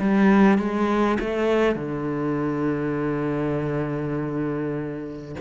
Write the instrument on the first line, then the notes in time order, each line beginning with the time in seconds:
cello
0.00 G3
0.59 G#3
1.20 A3
1.76 D3